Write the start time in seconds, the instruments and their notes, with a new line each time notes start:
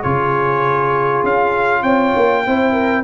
0.00 tuba C#3, trombone F4, horn G#4, trumpet C#5
1.23 tuba C#4, trumpet F5
1.82 tuba C4, horn C#5, trumpet G5
2.16 tuba A#3
2.46 tuba C4, trombone E4, horn C5
2.72 horn A#4